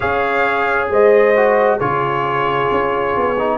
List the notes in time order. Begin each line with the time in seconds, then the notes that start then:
0.00 C#4 G#4 C#5 F5
0.90 G#3 C5 D#5
1.36 F#4
1.77 C#3 F4 G#4 C#5
2.71 C#4
3.16 B3
3.38 D#4